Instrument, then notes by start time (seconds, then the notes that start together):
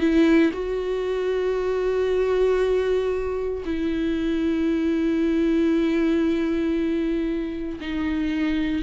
viola
0.00 E4
0.53 F#4
3.65 E4
7.80 D#4